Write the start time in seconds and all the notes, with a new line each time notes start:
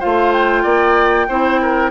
0.00 A3 F4 C5 F5
0.33 G5
0.63 A#3 D5
1.29 C4 E4 C5
1.62 A#4